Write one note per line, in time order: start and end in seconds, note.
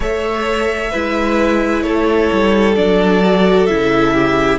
0.00 0.90 A3
0.00 0.91 A4
0.00 0.91 C#5
0.00 1.82 E5
0.91 1.84 G#3
0.91 2.76 E4
0.91 1.83 B4
1.82 2.30 A3
1.82 4.13 A4
1.82 2.74 C#5
2.32 2.77 G3
2.75 3.69 F#3
2.75 3.22 D4
2.75 3.66 D5
3.23 3.68 F#4
3.66 4.58 C#3
3.66 4.58 E4
3.66 4.58 E5
4.13 4.58 G4